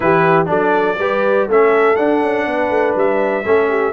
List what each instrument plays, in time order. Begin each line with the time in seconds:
0.00 tuba E3, trombone E4, horn G4, trumpet B4
0.45 tuba F#3, trombone D4, horn A4, trumpet D5
0.98 tuba G3, trombone G4, horn B4
1.48 tuba A3, trombone C#4, horn A4, trumpet E5
1.96 trombone D4, tuba D4, trumpet F#5
2.22 tuba C#4
2.46 tuba B3, horn B4
2.69 tuba A3
2.95 tuba G3, trumpet E5
3.45 tuba A3, trombone C#4, horn A4
3.68 horn G4